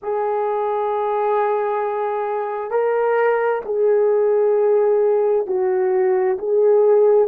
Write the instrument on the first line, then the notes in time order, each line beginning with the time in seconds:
horn
0.02 G#4
2.70 A#4
3.65 G#4
5.46 F#4
6.38 G#4